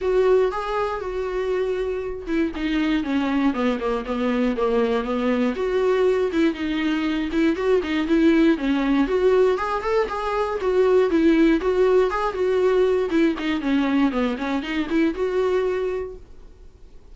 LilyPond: \new Staff \with { instrumentName = "viola" } { \time 4/4 \tempo 4 = 119 fis'4 gis'4 fis'2~ | fis'8 e'8 dis'4 cis'4 b8 ais8 | b4 ais4 b4 fis'4~ | fis'8 e'8 dis'4. e'8 fis'8 dis'8 |
e'4 cis'4 fis'4 gis'8 a'8 | gis'4 fis'4 e'4 fis'4 | gis'8 fis'4. e'8 dis'8 cis'4 | b8 cis'8 dis'8 e'8 fis'2 | }